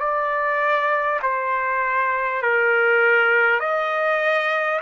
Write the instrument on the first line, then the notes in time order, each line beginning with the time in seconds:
trumpet
0.00 D5
1.23 C5
2.42 A#4
3.60 D#5